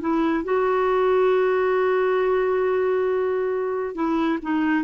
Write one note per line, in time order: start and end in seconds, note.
0.00 0.44 E4
0.44 3.94 F#4
3.94 4.38 E4
4.42 4.84 D#4